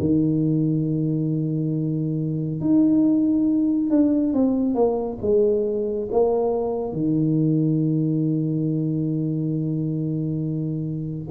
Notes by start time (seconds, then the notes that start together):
0.00 D#3
2.61 D#4
3.91 D4
4.34 C4
4.75 A#3
5.22 G#3
6.12 A#3
6.93 D#3